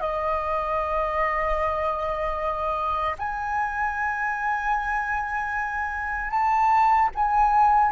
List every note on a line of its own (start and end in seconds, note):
0.00 3.16 D#5
3.18 6.31 G#5
6.31 7.10 A5
7.15 7.92 G#5